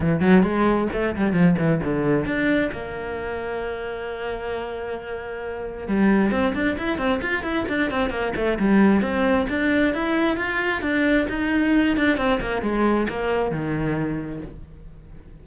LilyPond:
\new Staff \with { instrumentName = "cello" } { \time 4/4 \tempo 4 = 133 e8 fis8 gis4 a8 g8 f8 e8 | d4 d'4 ais2~ | ais1~ | ais4 g4 c'8 d'8 e'8 c'8 |
f'8 e'8 d'8 c'8 ais8 a8 g4 | c'4 d'4 e'4 f'4 | d'4 dis'4. d'8 c'8 ais8 | gis4 ais4 dis2 | }